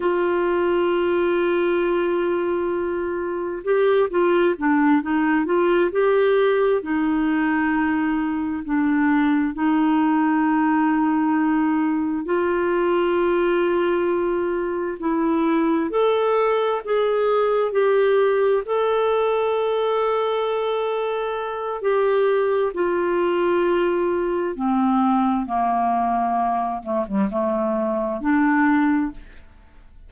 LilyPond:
\new Staff \with { instrumentName = "clarinet" } { \time 4/4 \tempo 4 = 66 f'1 | g'8 f'8 d'8 dis'8 f'8 g'4 dis'8~ | dis'4. d'4 dis'4.~ | dis'4. f'2~ f'8~ |
f'8 e'4 a'4 gis'4 g'8~ | g'8 a'2.~ a'8 | g'4 f'2 c'4 | ais4. a16 g16 a4 d'4 | }